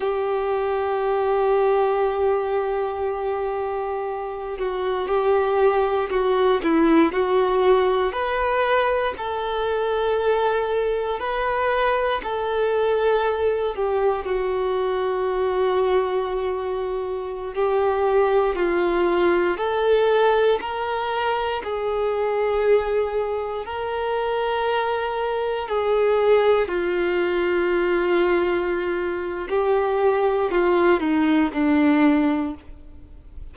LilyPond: \new Staff \with { instrumentName = "violin" } { \time 4/4 \tempo 4 = 59 g'1~ | g'8 fis'8 g'4 fis'8 e'8 fis'4 | b'4 a'2 b'4 | a'4. g'8 fis'2~ |
fis'4~ fis'16 g'4 f'4 a'8.~ | a'16 ais'4 gis'2 ais'8.~ | ais'4~ ais'16 gis'4 f'4.~ f'16~ | f'4 g'4 f'8 dis'8 d'4 | }